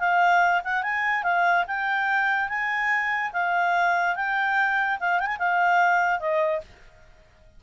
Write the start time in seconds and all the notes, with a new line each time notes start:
0.00 F5
0.64 F#5
0.83 G#5
1.24 F5
1.68 G5
2.49 G#5
3.33 F5
4.16 G5
5.00 F5
5.20 G5
5.27 G#5
5.39 F5
6.20 D#5